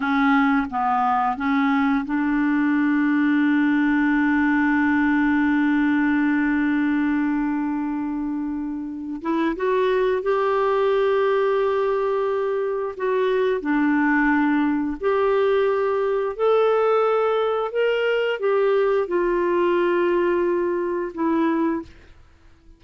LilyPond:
\new Staff \with { instrumentName = "clarinet" } { \time 4/4 \tempo 4 = 88 cis'4 b4 cis'4 d'4~ | d'1~ | d'1~ | d'4. e'8 fis'4 g'4~ |
g'2. fis'4 | d'2 g'2 | a'2 ais'4 g'4 | f'2. e'4 | }